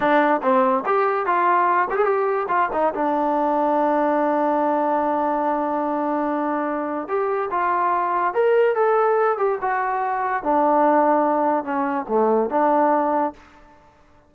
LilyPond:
\new Staff \with { instrumentName = "trombone" } { \time 4/4 \tempo 4 = 144 d'4 c'4 g'4 f'4~ | f'8 g'16 gis'16 g'4 f'8 dis'8 d'4~ | d'1~ | d'1~ |
d'4 g'4 f'2 | ais'4 a'4. g'8 fis'4~ | fis'4 d'2. | cis'4 a4 d'2 | }